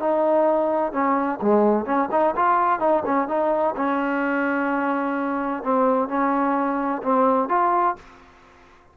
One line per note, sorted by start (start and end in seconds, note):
0.00 0.93 D#4
0.93 1.40 C#4
1.42 1.86 G#3
1.86 2.09 C#4
2.12 2.35 D#4
2.36 2.80 F4
2.80 3.04 D#4
3.06 3.28 C#4
3.28 3.75 D#4
3.77 5.64 C#4
5.64 6.09 C4
6.09 7.02 C#4
7.03 7.49 C4
7.49 7.96 F4